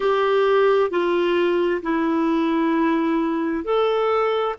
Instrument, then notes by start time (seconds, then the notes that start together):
clarinet
0.00 G4
0.90 F4
1.82 E4
3.64 A4